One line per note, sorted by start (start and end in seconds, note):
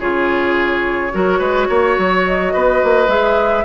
0.00 1.12 C#3
0.00 1.12 F4
0.00 1.13 G#4
0.00 2.25 C#5
1.12 1.40 F#3
1.12 3.08 F#4
1.12 1.39 A#4
1.39 1.68 G#3
1.39 1.67 B4
1.69 1.98 A#3
1.69 2.54 C#5
1.98 2.54 F#3
2.27 3.10 D#5
2.54 2.83 B3
2.54 3.65 B4
2.83 3.08 A#3
3.08 3.64 G#3
3.08 3.64 G#4
3.08 3.65 E5